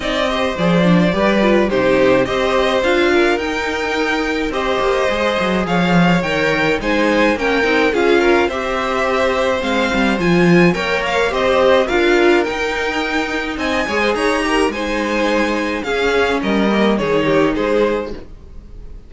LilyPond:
<<
  \new Staff \with { instrumentName = "violin" } { \time 4/4 \tempo 4 = 106 dis''4 d''2 c''4 | dis''4 f''4 g''2 | dis''2 f''4 g''4 | gis''4 g''4 f''4 e''4~ |
e''4 f''4 gis''4 g''8 f''8 | dis''4 f''4 g''2 | gis''4 ais''4 gis''2 | f''4 dis''4 cis''4 c''4 | }
  \new Staff \with { instrumentName = "violin" } { \time 4/4 d''8 c''4. b'4 g'4 | c''4. ais'2~ ais'8 | c''2 cis''2 | c''4 ais'4 gis'8 ais'8 c''4~ |
c''2. cis''4 | c''4 ais'2. | dis''8 cis''16 c''16 cis''8 ais'8 c''2 | gis'4 ais'4 gis'8 g'8 gis'4 | }
  \new Staff \with { instrumentName = "viola" } { \time 4/4 dis'8 g'8 gis'8 d'8 g'8 f'8 dis'4 | g'4 f'4 dis'2 | g'4 gis'2 ais'4 | dis'4 cis'8 dis'8 f'4 g'4~ |
g'4 c'4 f'4 ais'4 | g'4 f'4 dis'2~ | dis'8 gis'4 g'8 dis'2 | cis'4. ais8 dis'2 | }
  \new Staff \with { instrumentName = "cello" } { \time 4/4 c'4 f4 g4 c4 | c'4 d'4 dis'2 | c'8 ais8 gis8 fis8 f4 dis4 | gis4 ais8 c'8 cis'4 c'4~ |
c'4 gis8 g8 f4 ais4 | c'4 d'4 dis'2 | c'8 gis8 dis'4 gis2 | cis'4 g4 dis4 gis4 | }
>>